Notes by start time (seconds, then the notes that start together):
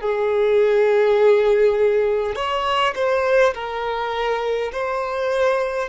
0.00 G#4
2.35 C#5
2.95 C5
3.53 A#4
4.72 C5